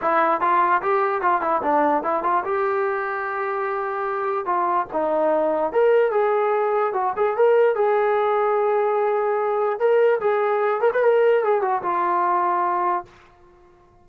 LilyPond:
\new Staff \with { instrumentName = "trombone" } { \time 4/4 \tempo 4 = 147 e'4 f'4 g'4 f'8 e'8 | d'4 e'8 f'8 g'2~ | g'2. f'4 | dis'2 ais'4 gis'4~ |
gis'4 fis'8 gis'8 ais'4 gis'4~ | gis'1 | ais'4 gis'4. ais'16 b'16 ais'4 | gis'8 fis'8 f'2. | }